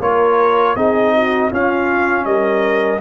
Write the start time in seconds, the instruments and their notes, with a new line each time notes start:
0.00 tuba A#3, trombone F4, horn A#4, trumpet C#5
0.76 tuba C4, trombone D#4, horn G#4, trumpet D#5
1.14 horn F#4
1.50 trombone C#4, tuba C#4, horn F4, trumpet F5
2.25 tuba G3, horn A#4, trumpet D#5